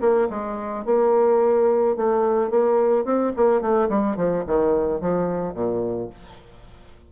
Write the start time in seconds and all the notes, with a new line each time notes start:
0.00 A#3
0.30 G#3
0.85 A#3
1.96 A3
2.50 A#3
3.05 C4
3.36 A#3
3.61 A3
3.89 G3
4.16 F3
4.47 D#3
5.01 F3
5.54 A#2